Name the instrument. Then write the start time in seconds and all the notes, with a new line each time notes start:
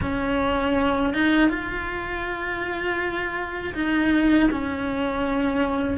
cello
0.01 C#4
1.13 D#4
1.49 F4
3.74 D#4
4.50 C#4